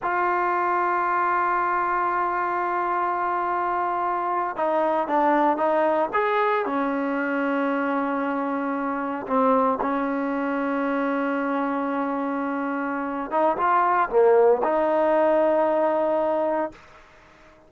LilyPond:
\new Staff \with { instrumentName = "trombone" } { \time 4/4 \tempo 4 = 115 f'1~ | f'1~ | f'8. dis'4 d'4 dis'4 gis'16~ | gis'8. cis'2.~ cis'16~ |
cis'4.~ cis'16 c'4 cis'4~ cis'16~ | cis'1~ | cis'4. dis'8 f'4 ais4 | dis'1 | }